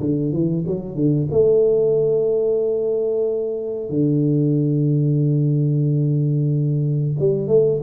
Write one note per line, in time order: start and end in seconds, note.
0.00 0.33 D3
0.33 0.65 E3
0.68 0.95 F#3
0.95 1.28 D3
1.31 3.90 A3
3.90 7.16 D3
7.19 7.48 G3
7.48 7.81 A3